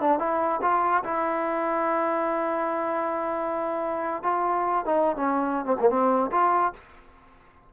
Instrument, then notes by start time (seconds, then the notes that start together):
trombone
0.00 D4
0.19 E4
0.62 F4
1.03 E4
4.23 F4
4.85 D#4
5.16 C#4
5.65 C4
5.79 A#3
5.89 C4
6.31 F4